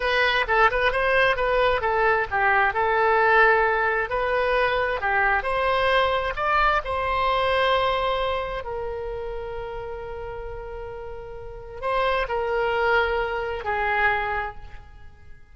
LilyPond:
\new Staff \with { instrumentName = "oboe" } { \time 4/4 \tempo 4 = 132 b'4 a'8 b'8 c''4 b'4 | a'4 g'4 a'2~ | a'4 b'2 g'4 | c''2 d''4 c''4~ |
c''2. ais'4~ | ais'1~ | ais'2 c''4 ais'4~ | ais'2 gis'2 | }